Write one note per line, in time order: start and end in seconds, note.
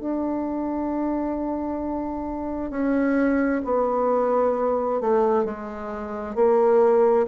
0.00 2.71 D4
2.71 3.62 C#4
3.65 5.01 B3
5.01 5.45 A3
5.45 6.36 G#3
6.36 7.26 A#3